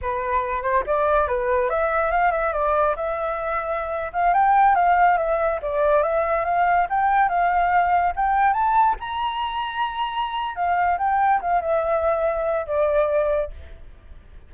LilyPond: \new Staff \with { instrumentName = "flute" } { \time 4/4 \tempo 4 = 142 b'4. c''8 d''4 b'4 | e''4 f''8 e''8 d''4 e''4~ | e''4.~ e''16 f''8 g''4 f''8.~ | f''16 e''4 d''4 e''4 f''8.~ |
f''16 g''4 f''2 g''8.~ | g''16 a''4 ais''2~ ais''8.~ | ais''4 f''4 g''4 f''8 e''8~ | e''2 d''2 | }